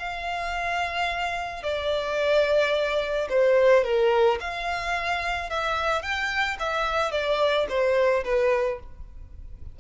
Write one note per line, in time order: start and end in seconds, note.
0.00 1.64 F5
1.64 3.29 D5
3.30 3.84 C5
3.84 4.39 A#4
4.41 5.50 F5
5.50 6.03 E5
6.03 6.58 G5
6.60 7.12 E5
7.12 7.67 D5
7.69 8.24 C5
8.24 8.79 B4